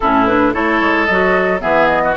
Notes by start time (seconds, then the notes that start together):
0.00 A2 C#4 E4 A4
0.25 D4 B4
0.53 A3 E4 A4 C#5
0.80 G#3
1.05 F#3 F#4 D#5
1.60 E3 B3 G#4 E5
1.87 D#5
2.04 F#4